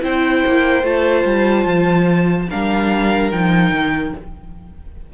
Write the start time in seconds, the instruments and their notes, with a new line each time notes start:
0.00 cello C4, viola E4, violin C5 G5
0.46 cello A#3
0.83 cello A3, viola F4, violin A5
1.24 cello G3
1.65 cello F3
2.49 cello G3, viola D4, violin A#4 F5
3.31 cello F3, viola D#4, violin G5
3.71 cello D#3